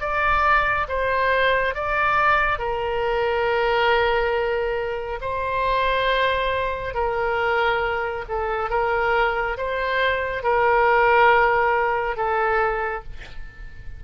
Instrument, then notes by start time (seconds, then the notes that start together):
oboe
0.00 D5
0.88 C5
1.74 D5
2.58 A#4
5.21 C5
6.94 A#4
8.28 A4
8.70 A#4
9.57 C5
10.43 A#4
12.17 A4